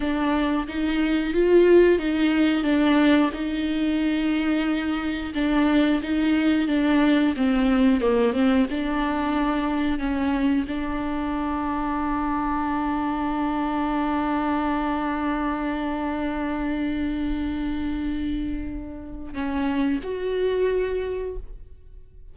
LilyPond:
\new Staff \with { instrumentName = "viola" } { \time 4/4 \tempo 4 = 90 d'4 dis'4 f'4 dis'4 | d'4 dis'2. | d'4 dis'4 d'4 c'4 | ais8 c'8 d'2 cis'4 |
d'1~ | d'1~ | d'1~ | d'4 cis'4 fis'2 | }